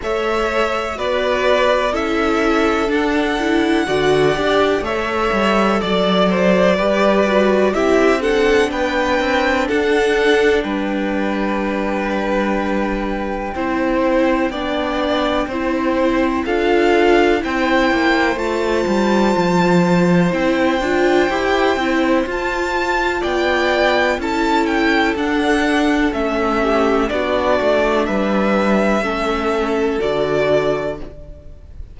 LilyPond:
<<
  \new Staff \with { instrumentName = "violin" } { \time 4/4 \tempo 4 = 62 e''4 d''4 e''4 fis''4~ | fis''4 e''4 d''2 | e''8 fis''8 g''4 fis''4 g''4~ | g''1~ |
g''4 f''4 g''4 a''4~ | a''4 g''2 a''4 | g''4 a''8 g''8 fis''4 e''4 | d''4 e''2 d''4 | }
  \new Staff \with { instrumentName = "violin" } { \time 4/4 cis''4 b'4 a'2 | d''4 cis''4 d''8 c''8 b'4 | g'8 a'8 b'4 a'4 b'4~ | b'2 c''4 d''4 |
c''4 a'4 c''2~ | c''1 | d''4 a'2~ a'8 g'8 | fis'4 b'4 a'2 | }
  \new Staff \with { instrumentName = "viola" } { \time 4/4 a'4 fis'4 e'4 d'8 e'8 | fis'8 g'8 a'2 g'8 fis'8 | e'8 d'2.~ d'8~ | d'2 e'4 d'4 |
e'4 f'4 e'4 f'4~ | f'4 e'8 f'8 g'8 e'8 f'4~ | f'4 e'4 d'4 cis'4 | d'2 cis'4 fis'4 | }
  \new Staff \with { instrumentName = "cello" } { \time 4/4 a4 b4 cis'4 d'4 | d8 d'8 a8 g8 fis4 g4 | c'4 b8 c'8 d'4 g4~ | g2 c'4 b4 |
c'4 d'4 c'8 ais8 a8 g8 | f4 c'8 d'8 e'8 c'8 f'4 | b4 cis'4 d'4 a4 | b8 a8 g4 a4 d4 | }
>>